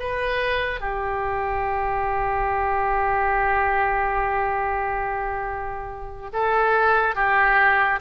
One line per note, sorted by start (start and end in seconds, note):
0.00 0.81 B4
0.81 6.30 G4
6.33 7.15 A4
7.15 8.00 G4